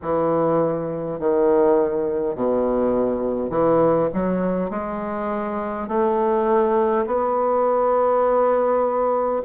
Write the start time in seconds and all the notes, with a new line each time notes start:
0.02 E3
1.19 D#3
2.35 B2
3.50 E3
4.13 F#3
4.70 G#3
5.88 A3
7.06 B3